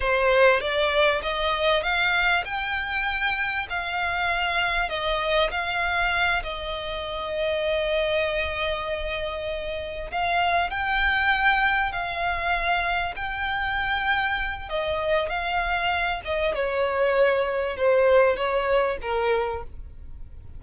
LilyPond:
\new Staff \with { instrumentName = "violin" } { \time 4/4 \tempo 4 = 98 c''4 d''4 dis''4 f''4 | g''2 f''2 | dis''4 f''4. dis''4.~ | dis''1~ |
dis''8 f''4 g''2 f''8~ | f''4. g''2~ g''8 | dis''4 f''4. dis''8 cis''4~ | cis''4 c''4 cis''4 ais'4 | }